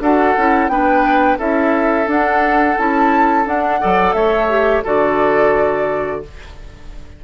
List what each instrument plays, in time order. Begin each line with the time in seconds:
0.00 bassoon D4, clarinet F#4, oboe A4, flute F#5
0.37 bassoon C#4, clarinet E4
0.69 bassoon B3, clarinet D4, oboe B4, flute G5
1.39 bassoon C#4, clarinet E4, oboe A4, flute E5
2.06 clarinet D4, bassoon D4, flute F#5
2.78 bassoon C#4, clarinet E4, flute A5
3.45 clarinet D4, bassoon D4, flute F#5
3.80 bassoon F#3, clarinet A4, oboe D5
4.14 bassoon A3, oboe C#5, flute E5
4.49 clarinet G4
4.84 bassoon D3, clarinet F#4, oboe A4, flute D5